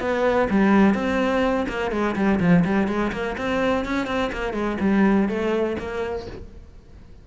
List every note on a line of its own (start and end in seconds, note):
0.00 0.48 B3
0.50 0.94 G3
0.94 1.66 C4
1.68 1.91 A#3
1.91 2.15 G#3
2.15 2.39 G3
2.40 2.64 F3
2.64 2.88 G3
2.88 3.12 G#3
3.12 3.36 A#3
3.37 3.85 C4
3.85 4.06 C#4
4.06 4.30 C4
4.32 4.53 A#3
4.53 4.77 G#3
4.80 5.28 G3
5.29 5.77 A3
5.79 6.27 A#3